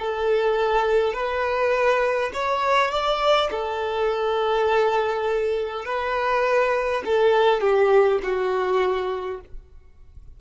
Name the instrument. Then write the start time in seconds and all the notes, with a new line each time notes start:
violin
0.00 A4
1.14 B4
2.34 C#5
2.91 D5
3.52 A4
5.86 B4
7.06 A4
7.61 G4
8.24 F#4